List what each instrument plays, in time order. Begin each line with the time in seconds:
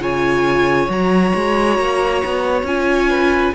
0.00 cello C#3, viola F4, violin C#5 G#5
0.89 cello F#3, viola F#4, violin A#5
1.35 cello G#3
1.78 cello A#3
2.25 cello B3
2.63 cello C#4, viola F4, violin G#5
3.10 violin B4